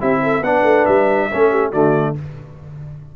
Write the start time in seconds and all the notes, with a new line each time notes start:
0.00 C4 E4 G4 E5
0.23 A4
0.40 B3 D4 B4 F#5
0.64 A3
0.86 G3 E5
1.31 A3 C#4 A4
1.51 G4
1.70 D3 A3 F#4 D5